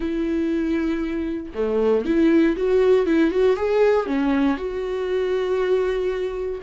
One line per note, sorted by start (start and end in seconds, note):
0.00 1.52 E4
1.54 2.05 A3
2.05 2.56 E4
2.56 3.06 F#4
3.06 3.31 E4
3.31 3.56 F#4
3.56 4.06 G#4
4.06 4.57 C#4
4.57 6.60 F#4